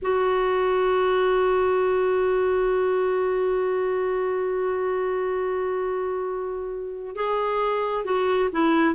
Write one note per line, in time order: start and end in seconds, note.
0.02 7.15 F#4
7.15 8.04 G#4
8.04 8.49 F#4
8.52 8.94 E4